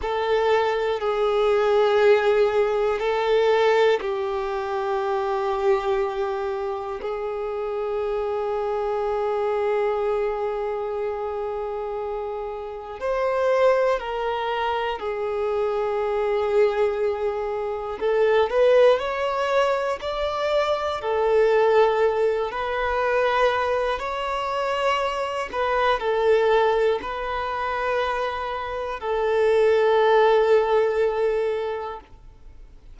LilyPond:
\new Staff \with { instrumentName = "violin" } { \time 4/4 \tempo 4 = 60 a'4 gis'2 a'4 | g'2. gis'4~ | gis'1~ | gis'4 c''4 ais'4 gis'4~ |
gis'2 a'8 b'8 cis''4 | d''4 a'4. b'4. | cis''4. b'8 a'4 b'4~ | b'4 a'2. | }